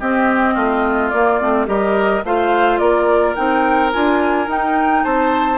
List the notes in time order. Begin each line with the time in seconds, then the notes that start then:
0.00 C4 G4 D#5
0.55 A3 F4
1.10 A#3 D5
1.41 A3 C4
1.67 G3 G4 A#4 D#5
2.24 A3 F4 C5 F5
2.78 A#3 A#4 D5
3.35 C4 D#4 G5
3.93 D4 F4 G#5
4.47 D#4 G5
5.04 C4 C5 A5